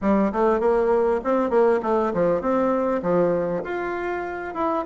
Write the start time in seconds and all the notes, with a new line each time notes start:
0.01 G3
0.32 A3
0.60 A#3
1.24 C4
1.50 A#3
1.82 A3
2.13 F3
2.41 C4
3.02 F3
3.63 F4
4.54 E4